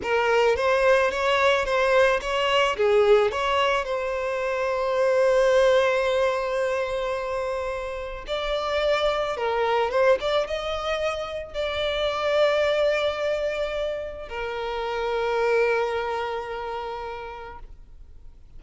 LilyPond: \new Staff \with { instrumentName = "violin" } { \time 4/4 \tempo 4 = 109 ais'4 c''4 cis''4 c''4 | cis''4 gis'4 cis''4 c''4~ | c''1~ | c''2. d''4~ |
d''4 ais'4 c''8 d''8 dis''4~ | dis''4 d''2.~ | d''2 ais'2~ | ais'1 | }